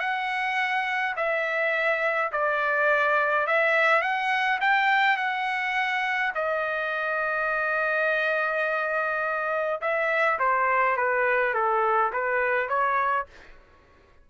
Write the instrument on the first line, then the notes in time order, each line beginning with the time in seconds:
trumpet
0.00 F#5
1.16 E5
2.32 D5
3.47 E5
4.02 F#5
4.61 G5
5.17 F#5
6.35 D#5
9.81 E5
10.39 C5
10.97 B4
11.54 A4
12.13 B4
12.69 C#5